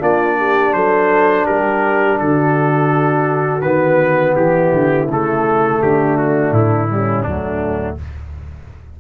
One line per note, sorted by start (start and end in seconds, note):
0.00 0.74 A#3
0.00 3.61 D4
0.00 0.37 F4
0.00 0.73 D5
0.39 0.75 G4
0.73 1.46 F#3
0.73 1.45 A4
0.73 1.46 C5
1.45 2.21 G3
1.45 2.18 G4
1.45 2.19 A#4
2.19 3.62 D3
2.19 4.38 F#4
2.19 3.62 A4
3.62 4.34 D#3
3.62 5.08 B3
3.62 4.34 B4
4.36 4.73 E3
4.36 5.83 E4
4.36 5.08 G4
4.73 5.08 D3
5.08 5.80 C#3
5.08 6.89 A3
5.08 5.82 A4
5.82 6.52 D3
5.82 6.91 D4
5.82 6.17 G4
6.17 6.53 F#4
6.52 7.24 A2
6.52 7.23 E4
6.89 7.25 G3
6.89 7.28 C#4
7.23 7.98 D2
7.23 7.98 F#3
7.23 8.00 A3
7.23 7.96 D4